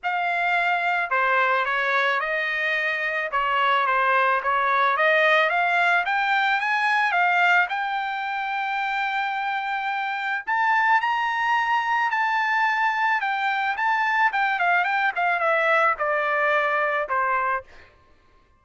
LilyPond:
\new Staff \with { instrumentName = "trumpet" } { \time 4/4 \tempo 4 = 109 f''2 c''4 cis''4 | dis''2 cis''4 c''4 | cis''4 dis''4 f''4 g''4 | gis''4 f''4 g''2~ |
g''2. a''4 | ais''2 a''2 | g''4 a''4 g''8 f''8 g''8 f''8 | e''4 d''2 c''4 | }